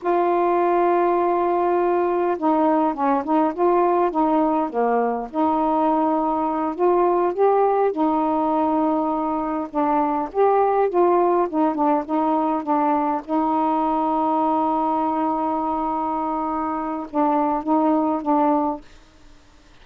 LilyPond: \new Staff \with { instrumentName = "saxophone" } { \time 4/4 \tempo 4 = 102 f'1 | dis'4 cis'8 dis'8 f'4 dis'4 | ais4 dis'2~ dis'8 f'8~ | f'8 g'4 dis'2~ dis'8~ |
dis'8 d'4 g'4 f'4 dis'8 | d'8 dis'4 d'4 dis'4.~ | dis'1~ | dis'4 d'4 dis'4 d'4 | }